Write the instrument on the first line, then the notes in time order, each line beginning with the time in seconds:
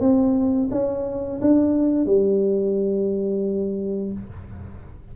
tuba
0.00 C4
0.71 C#4
1.41 D4
2.05 G3